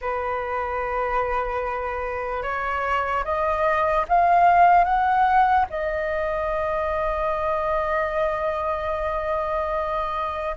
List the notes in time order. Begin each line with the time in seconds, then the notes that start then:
0.01 B4
2.43 C#5
3.24 D#5
4.08 F5
4.84 F#5
5.69 D#5